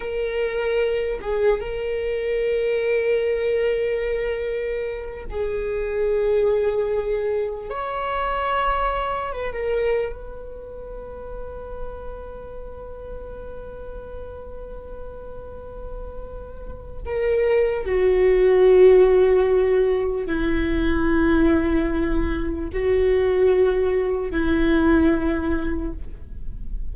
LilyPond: \new Staff \with { instrumentName = "viola" } { \time 4/4 \tempo 4 = 74 ais'4. gis'8 ais'2~ | ais'2~ ais'8 gis'4.~ | gis'4. cis''2 b'16 ais'16~ | ais'8 b'2.~ b'8~ |
b'1~ | b'4 ais'4 fis'2~ | fis'4 e'2. | fis'2 e'2 | }